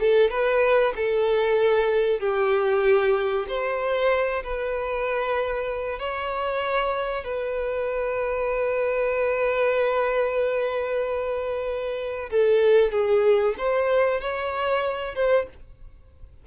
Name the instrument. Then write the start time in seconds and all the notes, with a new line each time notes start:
violin
0.00 A4
0.31 B4
0.96 A4
2.20 G4
3.49 C5
4.44 B4
5.99 C#5
7.25 B4
12.31 A4
12.92 G#4
13.58 C5
14.21 C#5
15.15 C5